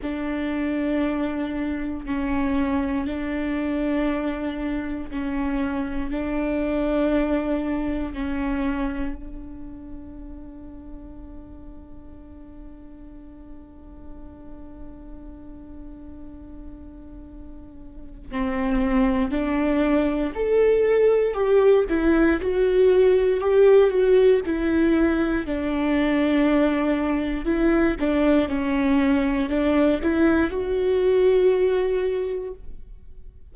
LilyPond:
\new Staff \with { instrumentName = "viola" } { \time 4/4 \tempo 4 = 59 d'2 cis'4 d'4~ | d'4 cis'4 d'2 | cis'4 d'2.~ | d'1~ |
d'2 c'4 d'4 | a'4 g'8 e'8 fis'4 g'8 fis'8 | e'4 d'2 e'8 d'8 | cis'4 d'8 e'8 fis'2 | }